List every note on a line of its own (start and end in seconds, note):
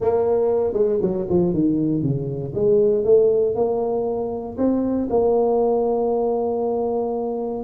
0.00 0.73 A#3
0.73 0.98 G#3
1.01 1.27 F#3
1.29 1.53 F3
1.53 2.02 D#3
2.02 2.53 C#3
2.54 3.04 G#3
3.04 3.55 A3
3.55 4.56 A#3
4.57 5.08 C4
5.10 7.63 A#3